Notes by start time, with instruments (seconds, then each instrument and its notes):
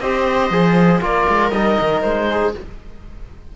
0.00 cello C4, trombone G4, viola C5, oboe D#5
0.50 cello F3, trombone G#4
1.02 cello A#3, trombone F4, viola A#4, oboe D5
1.29 cello G#3
1.50 cello G3, trombone D#4, oboe D#5
1.81 cello D#3
2.02 cello G#3, oboe C5
2.31 viola G#4